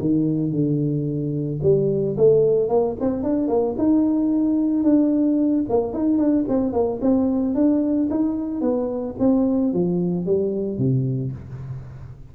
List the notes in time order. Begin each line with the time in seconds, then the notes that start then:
0.00 D#3
0.51 D3
1.62 G3
2.17 A3
2.69 A#3
3.00 C4
3.23 D4
3.48 A#3
3.78 D#4
4.84 D4
5.69 A#3
5.93 D#4
6.18 D4
6.48 C4
6.73 A#3
7.01 C4
7.54 D4
8.10 D#4
8.61 B3
9.19 C4
9.73 F3
10.26 G3
10.78 C3